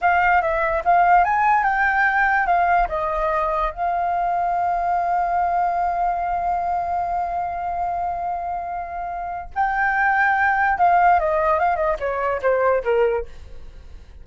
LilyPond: \new Staff \with { instrumentName = "flute" } { \time 4/4 \tempo 4 = 145 f''4 e''4 f''4 gis''4 | g''2 f''4 dis''4~ | dis''4 f''2.~ | f''1~ |
f''1~ | f''2. g''4~ | g''2 f''4 dis''4 | f''8 dis''8 cis''4 c''4 ais'4 | }